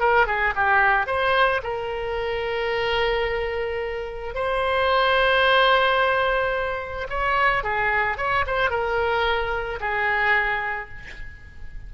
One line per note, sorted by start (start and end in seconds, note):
0.00 0.27 A#4
0.27 0.54 G#4
0.56 1.07 G4
1.07 1.62 C5
1.63 4.35 A#4
4.35 7.08 C5
7.10 7.64 C#5
7.64 8.18 G#4
8.18 8.45 C#5
8.47 8.70 C5
8.70 9.80 A#4
9.80 10.89 G#4